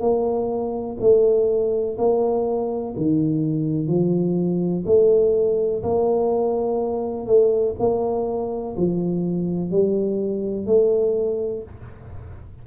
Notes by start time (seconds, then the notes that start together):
0.00 A#3
1.00 A3
1.98 A#3
2.96 D#3
3.87 F3
4.86 A3
5.83 A#3
7.26 A3
7.79 A#3
8.76 F3
9.70 G3
10.66 A3